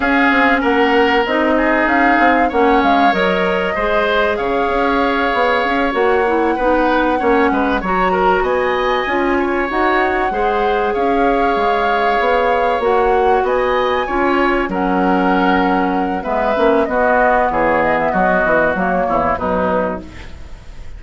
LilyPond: <<
  \new Staff \with { instrumentName = "flute" } { \time 4/4 \tempo 4 = 96 f''4 fis''4 dis''4 f''4 | fis''8 f''8 dis''2 f''4~ | f''4. fis''2~ fis''8~ | fis''8 ais''4 gis''2 fis''8~ |
fis''4. f''2~ f''8~ | f''8 fis''4 gis''2 fis''8~ | fis''2 e''4 dis''4 | cis''8 dis''16 e''16 dis''4 cis''4 b'4 | }
  \new Staff \with { instrumentName = "oboe" } { \time 4/4 gis'4 ais'4. gis'4. | cis''2 c''4 cis''4~ | cis''2~ cis''8 b'4 cis''8 | b'8 cis''8 ais'8 dis''4. cis''4~ |
cis''8 c''4 cis''2~ cis''8~ | cis''4. dis''4 cis''4 ais'8~ | ais'2 b'4 fis'4 | gis'4 fis'4. e'8 dis'4 | }
  \new Staff \with { instrumentName = "clarinet" } { \time 4/4 cis'2 dis'2 | cis'4 ais'4 gis'2~ | gis'4. fis'8 e'8 dis'4 cis'8~ | cis'8 fis'2 f'4 fis'8~ |
fis'8 gis'2.~ gis'8~ | gis'8 fis'2 f'4 cis'8~ | cis'2 b8 cis'8 b4~ | b2 ais4 fis4 | }
  \new Staff \with { instrumentName = "bassoon" } { \time 4/4 cis'8 c'8 ais4 c'4 cis'8 c'8 | ais8 gis8 fis4 gis4 cis8 cis'8~ | cis'8 b8 cis'8 ais4 b4 ais8 | gis8 fis4 b4 cis'4 dis'8~ |
dis'8 gis4 cis'4 gis4 b8~ | b8 ais4 b4 cis'4 fis8~ | fis2 gis8 ais8 b4 | e4 fis8 e8 fis8 e,8 b,4 | }
>>